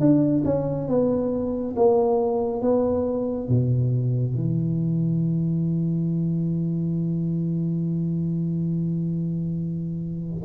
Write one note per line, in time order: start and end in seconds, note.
0.00 0.43 D4
0.45 0.88 C#4
0.88 1.75 B3
1.76 2.62 A#3
2.62 3.49 B3
3.49 4.35 B2
4.35 10.44 E3